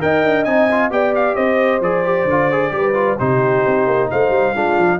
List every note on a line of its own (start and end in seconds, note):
0.00 0.25 D#4
0.00 0.45 A#4
0.00 0.93 D#5
0.00 0.44 G5
0.25 0.46 D4
0.44 0.91 C4
0.44 0.70 D#4
0.44 0.89 G#5
0.71 0.91 F4
0.91 1.36 B3
0.91 1.82 G4
0.91 1.36 D5
0.91 1.14 G5
1.15 1.36 F5
1.36 1.80 C4
1.36 2.72 C5
1.36 1.81 D#5
1.80 2.25 F3
1.80 2.04 G#4
1.80 3.19 D5
2.04 2.27 G4
2.25 2.70 D3
2.25 2.51 F4
2.51 2.71 G#4
2.71 3.17 G3
2.71 2.94 G4
2.71 3.19 B4
2.94 3.16 F4
3.19 3.65 C3
3.19 4.55 D#4
3.19 4.10 G4
3.19 4.10 C5
3.67 3.87 C4
3.87 4.09 A#3
4.11 4.29 A3
4.11 4.55 C5
4.11 5.00 F5
4.29 4.52 G3
4.55 4.77 G#3
4.55 5.00 D4
4.55 5.00 F4
4.77 5.00 F3